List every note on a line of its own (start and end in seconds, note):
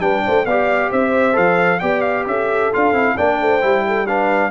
0.00 0.23 G3
0.00 0.45 D4
0.00 0.24 B4
0.00 0.45 G5
0.25 0.46 A3
0.25 0.46 C5
0.45 0.91 B3
0.45 1.33 G4
0.45 0.90 D5
0.45 0.91 F5
0.90 1.37 C4
0.90 1.80 C5
0.90 1.36 E5
1.33 1.82 F3
1.33 1.78 A4
1.33 1.80 F5
1.80 2.27 B3
1.80 2.71 G4
1.80 2.26 D5
1.80 2.01 G5
2.01 2.24 F5
2.27 2.72 C#4
2.27 3.16 A4
2.27 2.73 E5
2.73 2.92 D4
2.73 2.94 F4
2.73 3.17 F5
2.92 3.15 C4
2.92 3.16 E4
3.16 3.41 A#3
3.16 3.61 D4
3.16 3.38 D5
3.16 4.07 G5
3.41 3.63 A3
3.41 3.86 C5
3.61 4.50 G3
3.61 4.06 E4
3.87 4.07 A4
4.07 4.50 D4
4.07 4.50 B4
4.07 4.50 F5